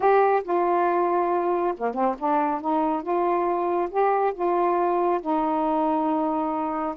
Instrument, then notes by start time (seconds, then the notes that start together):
saxophone
0.00 G4
0.43 F4
1.77 A#3
1.93 C4
2.19 D4
2.60 D#4
3.02 F4
3.90 G4
4.34 F4
5.21 D#4